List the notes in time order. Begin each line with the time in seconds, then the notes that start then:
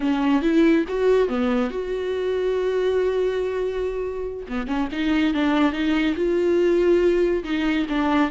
0.00 C#4
0.42 E4
0.88 F#4
1.28 B3
1.70 F#4
4.48 B3
4.67 C#4
4.92 D#4
5.33 D4
5.72 D#4
6.16 F4
7.44 D#4
7.89 D4